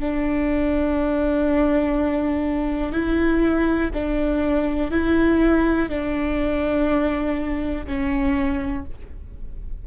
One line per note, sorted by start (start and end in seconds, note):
0.00 2.93 D4
2.93 3.91 E4
3.94 4.91 D4
4.91 5.89 E4
5.89 7.86 D4
7.87 8.85 C#4